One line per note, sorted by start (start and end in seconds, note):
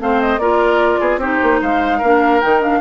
0.00 0.38 A3
0.00 0.40 C4
0.00 0.41 C5
0.00 0.22 F5
0.22 0.39 D#5
0.38 0.99 A#3
0.38 1.22 F4
0.38 1.00 A#4
0.38 1.20 D5
1.00 1.18 B3
1.00 1.20 G#4
1.18 1.38 C4
1.18 2.02 D#4
1.18 1.61 G4
1.18 1.62 C5
1.43 1.62 A#3
1.62 2.03 G#3
1.62 1.98 C5
1.62 2.41 F5
1.98 2.43 A#3
1.98 2.42 D4
1.98 2.79 A#4
2.41 2.81 D#3
2.41 2.62 D#4
2.41 2.61 G5
2.62 2.81 D4
2.62 2.81 F5